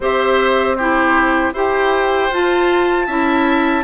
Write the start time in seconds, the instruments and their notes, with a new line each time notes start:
0.00 bassoon C4, clarinet G4, oboe C5, flute E5
0.75 clarinet E4, oboe G4, flute C5
1.52 bassoon E4, clarinet G4, oboe C5, flute G5
2.30 bassoon F4, clarinet F4, flute A5
3.06 bassoon C#4, clarinet E4, oboe E5